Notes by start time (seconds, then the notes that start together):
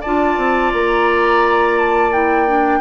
0.00 D4 F4 D5 A5
0.37 C4
0.73 A#3 A#5
1.79 A5
2.12 E4 G5
2.47 D4